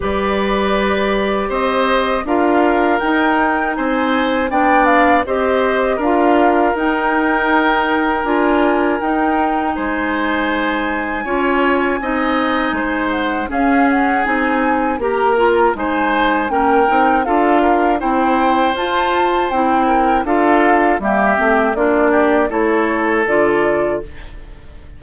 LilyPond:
<<
  \new Staff \with { instrumentName = "flute" } { \time 4/4 \tempo 4 = 80 d''2 dis''4 f''4 | g''4 gis''4 g''8 f''8 dis''4 | f''4 g''2 gis''4 | g''4 gis''2.~ |
gis''4. fis''8 f''8 fis''8 gis''4 | ais''4 gis''4 g''4 f''4 | g''4 a''4 g''4 f''4 | e''4 d''4 cis''4 d''4 | }
  \new Staff \with { instrumentName = "oboe" } { \time 4/4 b'2 c''4 ais'4~ | ais'4 c''4 d''4 c''4 | ais'1~ | ais'4 c''2 cis''4 |
dis''4 c''4 gis'2 | ais'4 c''4 ais'4 a'8 ais'8 | c''2~ c''8 ais'8 a'4 | g'4 f'8 g'8 a'2 | }
  \new Staff \with { instrumentName = "clarinet" } { \time 4/4 g'2. f'4 | dis'2 d'4 g'4 | f'4 dis'2 f'4 | dis'2. f'4 |
dis'2 cis'4 dis'4 | g'8 f'8 dis'4 cis'8 dis'8 f'4 | e'4 f'4 e'4 f'4 | ais8 c'8 d'4 e'4 f'4 | }
  \new Staff \with { instrumentName = "bassoon" } { \time 4/4 g2 c'4 d'4 | dis'4 c'4 b4 c'4 | d'4 dis'2 d'4 | dis'4 gis2 cis'4 |
c'4 gis4 cis'4 c'4 | ais4 gis4 ais8 c'8 d'4 | c'4 f'4 c'4 d'4 | g8 a8 ais4 a4 d4 | }
>>